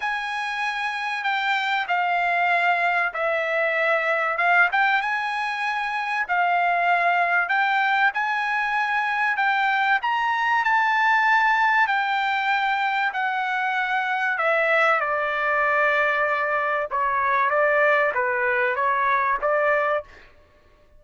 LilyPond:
\new Staff \with { instrumentName = "trumpet" } { \time 4/4 \tempo 4 = 96 gis''2 g''4 f''4~ | f''4 e''2 f''8 g''8 | gis''2 f''2 | g''4 gis''2 g''4 |
ais''4 a''2 g''4~ | g''4 fis''2 e''4 | d''2. cis''4 | d''4 b'4 cis''4 d''4 | }